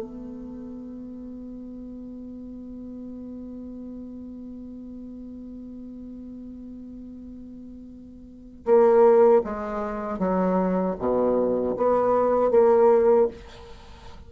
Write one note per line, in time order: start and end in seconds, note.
0.00 8.65 B3
8.66 9.43 A#3
9.44 10.19 G#3
10.19 10.96 F#3
10.99 11.76 B2
11.77 12.51 B3
12.51 13.28 A#3